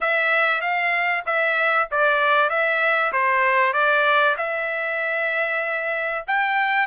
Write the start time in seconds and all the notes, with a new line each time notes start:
0.01 E5
0.61 F5
1.26 E5
1.91 D5
2.49 E5
3.12 C5
3.73 D5
4.37 E5
6.27 G5